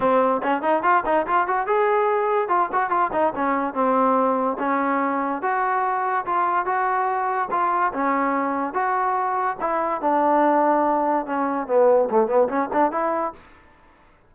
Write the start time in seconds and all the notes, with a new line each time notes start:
0.00 C4
0.42 C#4
0.62 D#4
0.82 F4
1.05 D#4
1.26 F4
1.47 F#4
1.66 G#4
2.48 F4
2.72 F#4
2.89 F4
3.12 D#4
3.35 C#4
3.73 C4
4.58 C#4
5.42 F#4
6.25 F4
6.65 F#4
7.51 F4
7.93 C#4
8.73 F#4
9.60 E4
10.01 D4
11.26 C#4
11.67 B3
12.10 A3
12.27 B3
12.48 C#4
12.73 D4
12.91 E4